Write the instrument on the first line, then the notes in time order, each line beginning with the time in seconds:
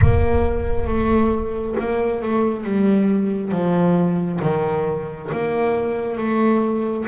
double bass
0.01 A#3
0.87 A3
1.79 A#3
2.21 A3
2.64 G3
3.51 F3
4.41 D#3
5.31 A#3
6.17 A3